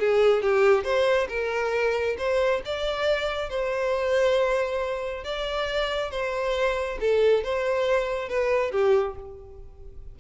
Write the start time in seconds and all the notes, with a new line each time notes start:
0.00 G#4
0.43 G4
0.84 C5
1.29 A#4
2.18 C5
2.66 D5
3.50 C5
5.24 D5
6.11 C5
7.01 A4
7.44 C5
8.29 B4
8.72 G4